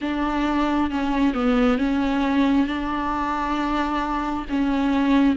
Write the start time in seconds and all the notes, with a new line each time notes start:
0.01 D4
0.90 C#4
1.34 B3
1.77 C#4
2.66 D4
4.49 C#4